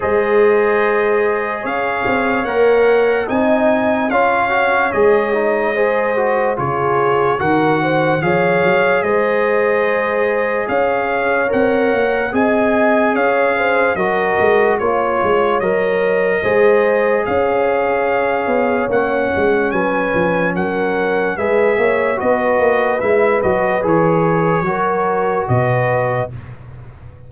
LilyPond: <<
  \new Staff \with { instrumentName = "trumpet" } { \time 4/4 \tempo 4 = 73 dis''2 f''4 fis''4 | gis''4 f''4 dis''2 | cis''4 fis''4 f''4 dis''4~ | dis''4 f''4 fis''4 gis''4 |
f''4 dis''4 cis''4 dis''4~ | dis''4 f''2 fis''4 | gis''4 fis''4 e''4 dis''4 | e''8 dis''8 cis''2 dis''4 | }
  \new Staff \with { instrumentName = "horn" } { \time 4/4 c''2 cis''2 | dis''4 cis''2 c''4 | gis'4 ais'8 c''8 cis''4 c''4~ | c''4 cis''2 dis''4 |
cis''8 c''8 ais'4 cis''2 | c''4 cis''2. | b'4 ais'4 b'8 cis''8 b'4~ | b'2 ais'4 b'4 | }
  \new Staff \with { instrumentName = "trombone" } { \time 4/4 gis'2. ais'4 | dis'4 f'8 fis'8 gis'8 dis'8 gis'8 fis'8 | f'4 fis'4 gis'2~ | gis'2 ais'4 gis'4~ |
gis'4 fis'4 f'4 ais'4 | gis'2. cis'4~ | cis'2 gis'4 fis'4 | e'8 fis'8 gis'4 fis'2 | }
  \new Staff \with { instrumentName = "tuba" } { \time 4/4 gis2 cis'8 c'8 ais4 | c'4 cis'4 gis2 | cis4 dis4 f8 fis8 gis4~ | gis4 cis'4 c'8 ais8 c'4 |
cis'4 fis8 gis8 ais8 gis8 fis4 | gis4 cis'4. b8 ais8 gis8 | fis8 f8 fis4 gis8 ais8 b8 ais8 | gis8 fis8 e4 fis4 b,4 | }
>>